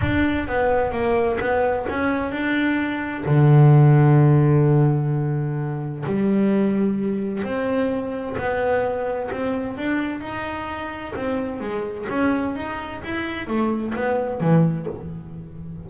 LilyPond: \new Staff \with { instrumentName = "double bass" } { \time 4/4 \tempo 4 = 129 d'4 b4 ais4 b4 | cis'4 d'2 d4~ | d1~ | d4 g2. |
c'2 b2 | c'4 d'4 dis'2 | c'4 gis4 cis'4 dis'4 | e'4 a4 b4 e4 | }